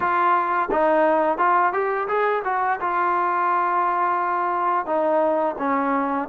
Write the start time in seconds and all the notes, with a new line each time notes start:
0.00 F4
0.71 D#4
1.38 F4
1.72 G4
2.07 G#4
2.44 F#4
2.80 F4
4.86 D#4
5.58 C#4